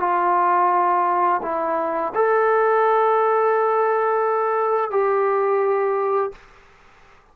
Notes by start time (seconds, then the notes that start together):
0.00 F4
1.43 E4
2.15 A4
4.91 G4